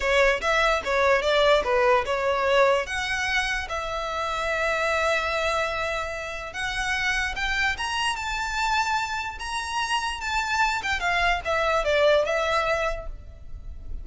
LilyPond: \new Staff \with { instrumentName = "violin" } { \time 4/4 \tempo 4 = 147 cis''4 e''4 cis''4 d''4 | b'4 cis''2 fis''4~ | fis''4 e''2.~ | e''1 |
fis''2 g''4 ais''4 | a''2. ais''4~ | ais''4 a''4. g''8 f''4 | e''4 d''4 e''2 | }